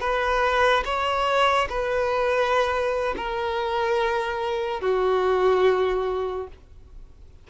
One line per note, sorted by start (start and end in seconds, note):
0.00 0.83 B4
0.84 1.68 C#5
1.69 3.15 B4
3.17 4.81 A#4
4.81 6.47 F#4